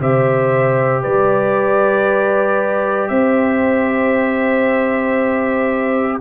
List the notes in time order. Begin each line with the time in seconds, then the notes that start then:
0.00 C3 G4 C5 E5
1.02 G3 B4 D5
3.08 C4 C5 E5